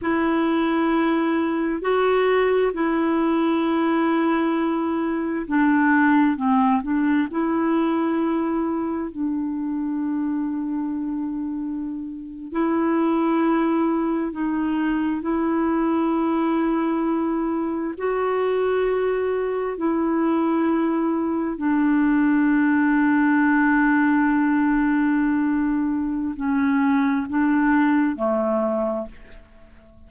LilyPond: \new Staff \with { instrumentName = "clarinet" } { \time 4/4 \tempo 4 = 66 e'2 fis'4 e'4~ | e'2 d'4 c'8 d'8 | e'2 d'2~ | d'4.~ d'16 e'2 dis'16~ |
dis'8. e'2. fis'16~ | fis'4.~ fis'16 e'2 d'16~ | d'1~ | d'4 cis'4 d'4 a4 | }